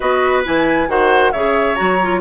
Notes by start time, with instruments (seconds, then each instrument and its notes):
0.00 bassoon B3, clarinet F#4, oboe B4, flute D#5
0.44 bassoon E3, clarinet E4, flute G#5
0.87 bassoon D#3, clarinet F#4, oboe C5, flute F#5
1.31 bassoon C#3, clarinet G#4, oboe C#5, flute E5
1.75 bassoon F#3, clarinet F#4, flute A#5
2.02 clarinet F4